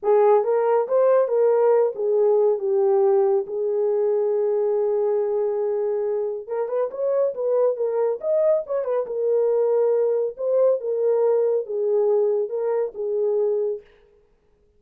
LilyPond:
\new Staff \with { instrumentName = "horn" } { \time 4/4 \tempo 4 = 139 gis'4 ais'4 c''4 ais'4~ | ais'8 gis'4. g'2 | gis'1~ | gis'2. ais'8 b'8 |
cis''4 b'4 ais'4 dis''4 | cis''8 b'8 ais'2. | c''4 ais'2 gis'4~ | gis'4 ais'4 gis'2 | }